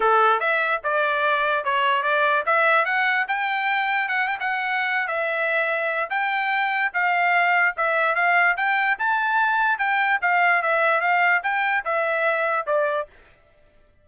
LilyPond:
\new Staff \with { instrumentName = "trumpet" } { \time 4/4 \tempo 4 = 147 a'4 e''4 d''2 | cis''4 d''4 e''4 fis''4 | g''2 fis''8 g''16 fis''4~ fis''16~ | fis''8 e''2~ e''8 g''4~ |
g''4 f''2 e''4 | f''4 g''4 a''2 | g''4 f''4 e''4 f''4 | g''4 e''2 d''4 | }